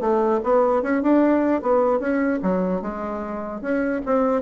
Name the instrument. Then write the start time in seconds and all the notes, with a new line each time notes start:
bassoon
0.00 A3
0.43 B3
0.82 C#4
1.02 D4
1.62 B3
1.99 C#4
2.42 F#3
2.81 G#3
3.61 C#4
4.05 C4